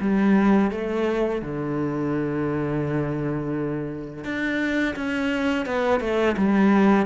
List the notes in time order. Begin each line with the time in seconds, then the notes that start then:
0.00 G3
0.71 A3
1.41 D3
4.24 D4
4.96 C#4
5.66 B3
6.00 A3
6.37 G3